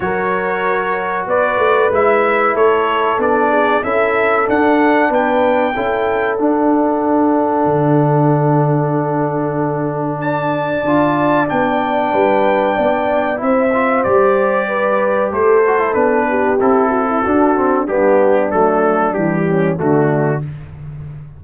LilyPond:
<<
  \new Staff \with { instrumentName = "trumpet" } { \time 4/4 \tempo 4 = 94 cis''2 d''4 e''4 | cis''4 d''4 e''4 fis''4 | g''2 fis''2~ | fis''1 |
a''2 g''2~ | g''4 e''4 d''2 | c''4 b'4 a'2 | g'4 a'4 g'4 fis'4 | }
  \new Staff \with { instrumentName = "horn" } { \time 4/4 ais'2 b'2 | a'4. gis'8 a'2 | b'4 a'2.~ | a'1 |
d''2. b'4 | d''4 c''2 b'4 | a'4. g'4 fis'16 e'16 fis'4 | d'2~ d'8 cis'8 d'4 | }
  \new Staff \with { instrumentName = "trombone" } { \time 4/4 fis'2. e'4~ | e'4 d'4 e'4 d'4~ | d'4 e'4 d'2~ | d'1~ |
d'4 f'4 d'2~ | d'4 e'8 f'8 g'2~ | g'8 fis'16 e'16 d'4 e'4 d'8 c'8 | b4 a4 g4 a4 | }
  \new Staff \with { instrumentName = "tuba" } { \time 4/4 fis2 b8 a8 gis4 | a4 b4 cis'4 d'4 | b4 cis'4 d'2 | d1~ |
d4 d'4 b4 g4 | b4 c'4 g2 | a4 b4 c'4 d'4 | g4 fis4 e4 d4 | }
>>